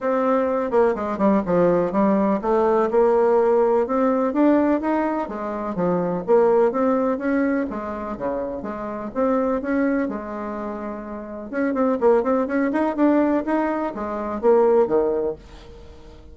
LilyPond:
\new Staff \with { instrumentName = "bassoon" } { \time 4/4 \tempo 4 = 125 c'4. ais8 gis8 g8 f4 | g4 a4 ais2 | c'4 d'4 dis'4 gis4 | f4 ais4 c'4 cis'4 |
gis4 cis4 gis4 c'4 | cis'4 gis2. | cis'8 c'8 ais8 c'8 cis'8 dis'8 d'4 | dis'4 gis4 ais4 dis4 | }